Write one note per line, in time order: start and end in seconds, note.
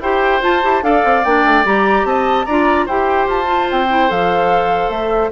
0.00 0.41 E4
0.00 0.41 G4
0.00 0.84 C5
0.00 0.43 G5
0.41 0.62 F4
0.41 0.83 A5
0.63 0.82 E4
0.63 0.82 G4
0.82 1.03 D4
0.82 1.23 A4
0.82 2.07 D5
0.82 1.24 F5
1.04 1.24 C4
1.24 1.44 A#3
1.24 1.65 D4
1.24 1.65 G5
1.44 1.65 A3
1.65 2.04 G3
1.65 2.46 G4
1.65 2.06 A#5
2.04 2.45 C4
2.04 2.46 D#5
2.04 2.45 A5
2.45 2.88 D4
2.45 2.89 F4
2.45 2.86 D5
2.45 2.86 A#5
2.86 3.27 E4
2.86 3.45 G4
2.86 5.31 C5
2.86 3.29 G5
3.27 3.68 F4
3.27 3.70 A5
3.45 3.86 F4
3.71 4.10 C4
3.71 4.11 G5
3.89 4.09 E4
4.09 4.89 F3
4.09 5.31 A4
4.09 4.90 F5
4.89 5.30 A3
4.89 5.31 E5